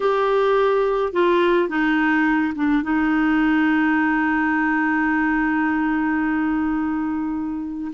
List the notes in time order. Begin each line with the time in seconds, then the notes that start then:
0.00 G4
1.12 F4
1.68 D#4
2.55 D4
2.82 D#4